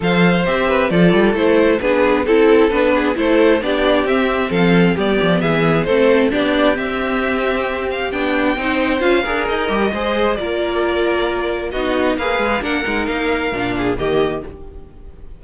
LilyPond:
<<
  \new Staff \with { instrumentName = "violin" } { \time 4/4 \tempo 4 = 133 f''4 e''4 d''4 c''4 | b'4 a'4 b'4 c''4 | d''4 e''4 f''4 d''4 | e''4 c''4 d''4 e''4~ |
e''4. f''8 g''2 | f''4 dis''2 d''4~ | d''2 dis''4 f''4 | fis''4 f''2 dis''4 | }
  \new Staff \with { instrumentName = "violin" } { \time 4/4 c''4. b'8 a'2 | gis'4 a'4. gis'8 a'4 | g'2 a'4 g'4 | gis'4 a'4 g'2~ |
g'2. c''4~ | c''8 ais'4. c''4 ais'4~ | ais'2 fis'4 b'4 | ais'2~ ais'8 gis'8 g'4 | }
  \new Staff \with { instrumentName = "viola" } { \time 4/4 a'4 g'4 f'4 e'4 | d'4 e'4 d'4 e'4 | d'4 c'2 b4~ | b4 c'4 d'4 c'4~ |
c'2 d'4 dis'4 | f'8 gis'4 g'8 gis'4 f'4~ | f'2 dis'4 gis'4 | d'8 dis'4. d'4 ais4 | }
  \new Staff \with { instrumentName = "cello" } { \time 4/4 f4 c'4 f8 g8 a4 | b4 c'4 b4 a4 | b4 c'4 f4 g8 f8 | e4 a4 b4 c'4~ |
c'2 b4 c'4 | cis'8 d'8 dis'8 g8 gis4 ais4~ | ais2 b4 ais8 gis8 | ais8 gis8 ais4 ais,4 dis4 | }
>>